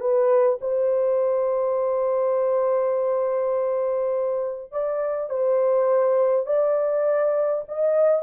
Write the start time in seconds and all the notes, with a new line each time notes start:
0.00 B4
0.61 C5
4.72 D5
5.30 C5
6.46 D5
7.68 D#5